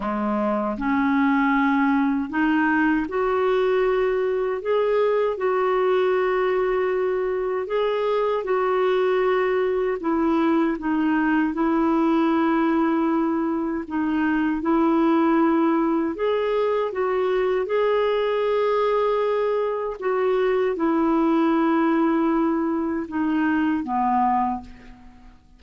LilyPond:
\new Staff \with { instrumentName = "clarinet" } { \time 4/4 \tempo 4 = 78 gis4 cis'2 dis'4 | fis'2 gis'4 fis'4~ | fis'2 gis'4 fis'4~ | fis'4 e'4 dis'4 e'4~ |
e'2 dis'4 e'4~ | e'4 gis'4 fis'4 gis'4~ | gis'2 fis'4 e'4~ | e'2 dis'4 b4 | }